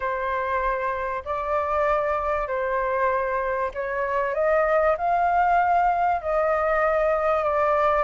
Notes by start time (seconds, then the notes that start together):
0.00 C5
1.24 D5
2.47 C5
3.74 C#5
4.34 D#5
4.97 F5
6.21 D#5
7.43 D5